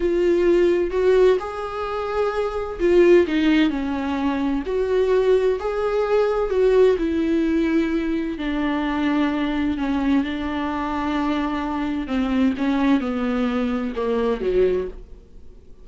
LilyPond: \new Staff \with { instrumentName = "viola" } { \time 4/4 \tempo 4 = 129 f'2 fis'4 gis'4~ | gis'2 f'4 dis'4 | cis'2 fis'2 | gis'2 fis'4 e'4~ |
e'2 d'2~ | d'4 cis'4 d'2~ | d'2 c'4 cis'4 | b2 ais4 fis4 | }